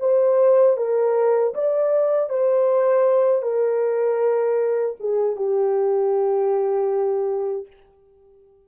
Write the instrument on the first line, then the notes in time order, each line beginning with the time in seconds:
horn
0.00 C5
0.77 A#4
1.54 D5
2.29 C5
3.42 A#4
5.00 G#4
5.36 G4